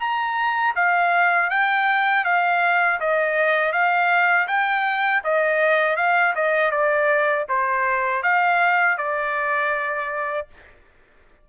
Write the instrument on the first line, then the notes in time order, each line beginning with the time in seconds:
trumpet
0.00 A#5
0.76 F5
1.50 G5
2.25 F5
3.00 D#5
3.73 F5
4.48 G5
5.24 D#5
5.97 F5
6.35 D#5
6.71 D5
7.49 C5
8.23 F5
8.98 D5